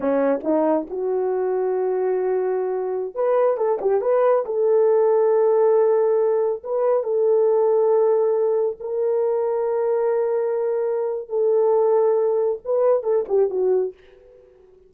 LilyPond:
\new Staff \with { instrumentName = "horn" } { \time 4/4 \tempo 4 = 138 cis'4 dis'4 fis'2~ | fis'2.~ fis'16 b'8.~ | b'16 a'8 g'8 b'4 a'4.~ a'16~ | a'2.~ a'16 b'8.~ |
b'16 a'2.~ a'8.~ | a'16 ais'2.~ ais'8.~ | ais'2 a'2~ | a'4 b'4 a'8 g'8 fis'4 | }